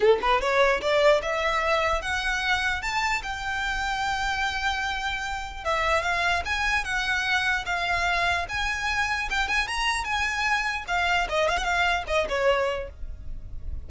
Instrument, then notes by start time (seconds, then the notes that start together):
violin
0.00 A4
0.21 B4
0.40 C#5
0.81 D5
1.22 E5
2.01 F#5
2.82 A5
3.22 G5
5.64 E5
6.02 F5
6.45 G#5
6.84 F#5
7.65 F5
8.48 G#5
9.29 G5
9.48 G#5
9.67 A#5
10.04 G#5
10.87 F5
11.29 D#5
11.49 F5
11.57 F#5
11.64 F5
12.07 D#5
12.28 C#5